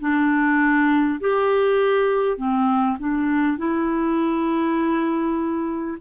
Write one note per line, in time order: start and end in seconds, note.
0.00 1.20 D4
1.20 2.37 G4
2.37 2.97 C4
2.99 3.58 D4
3.58 5.98 E4